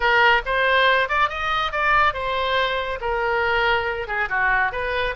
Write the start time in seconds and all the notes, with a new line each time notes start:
0.00 A#4
0.45 C5
1.09 D5
1.29 D#5
1.72 D5
2.13 C5
3.01 A#4
4.07 G#4
4.29 F#4
4.72 B4